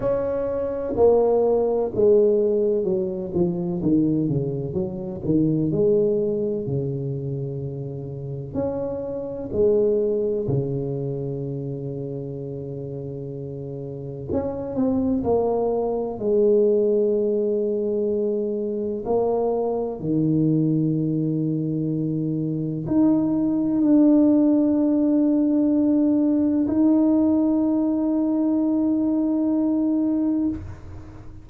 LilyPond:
\new Staff \with { instrumentName = "tuba" } { \time 4/4 \tempo 4 = 63 cis'4 ais4 gis4 fis8 f8 | dis8 cis8 fis8 dis8 gis4 cis4~ | cis4 cis'4 gis4 cis4~ | cis2. cis'8 c'8 |
ais4 gis2. | ais4 dis2. | dis'4 d'2. | dis'1 | }